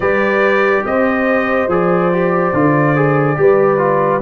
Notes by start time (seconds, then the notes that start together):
0.00 G3 G4 B4 D5
0.85 C4 C5 D#5
1.67 F3 G#4 D5
2.12 G4
2.53 D3 F4
2.95 G#4
3.36 G3 G4 B4
3.77 F4